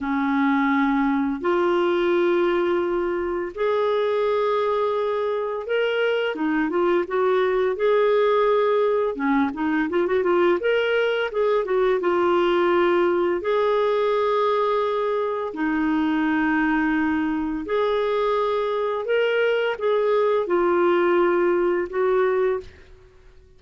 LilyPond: \new Staff \with { instrumentName = "clarinet" } { \time 4/4 \tempo 4 = 85 cis'2 f'2~ | f'4 gis'2. | ais'4 dis'8 f'8 fis'4 gis'4~ | gis'4 cis'8 dis'8 f'16 fis'16 f'8 ais'4 |
gis'8 fis'8 f'2 gis'4~ | gis'2 dis'2~ | dis'4 gis'2 ais'4 | gis'4 f'2 fis'4 | }